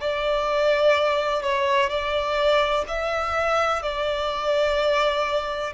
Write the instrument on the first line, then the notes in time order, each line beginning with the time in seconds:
violin
0.00 D5
1.43 C#5
1.90 D5
2.88 E5
3.82 D5